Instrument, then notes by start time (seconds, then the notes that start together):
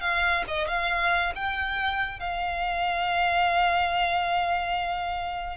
violin
0.00 F5
0.47 D#5
0.67 F5
1.35 G5
2.19 F5